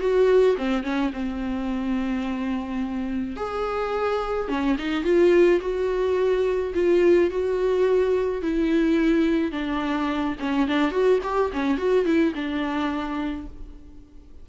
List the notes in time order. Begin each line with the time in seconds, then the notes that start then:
0.00 F#4
0.58 C4
0.83 C#4
1.13 C4
3.36 G#4
4.49 C#4
4.78 D#4
5.04 F4
5.61 F#4
6.74 F4
7.30 F#4
8.42 E4
9.52 D4
10.40 C#4
10.68 D4
10.91 F#4
11.23 G4
11.53 C#4
11.78 F#4
12.05 E4
12.35 D4